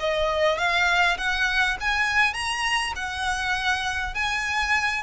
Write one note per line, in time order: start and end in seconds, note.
0.00 0.58 D#5
0.58 1.17 F5
1.18 1.77 F#5
1.81 2.34 G#5
2.34 2.93 A#5
2.96 4.14 F#5
4.14 5.03 G#5